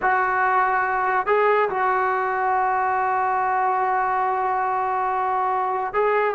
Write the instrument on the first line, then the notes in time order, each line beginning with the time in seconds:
trombone
0.02 F#4
1.26 G#4
1.69 F#4
5.93 G#4